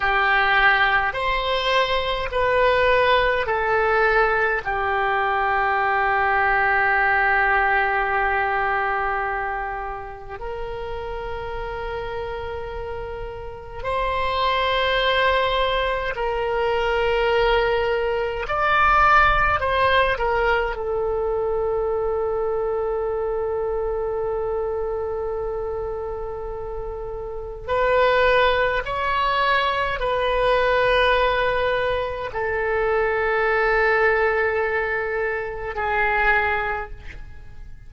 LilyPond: \new Staff \with { instrumentName = "oboe" } { \time 4/4 \tempo 4 = 52 g'4 c''4 b'4 a'4 | g'1~ | g'4 ais'2. | c''2 ais'2 |
d''4 c''8 ais'8 a'2~ | a'1 | b'4 cis''4 b'2 | a'2. gis'4 | }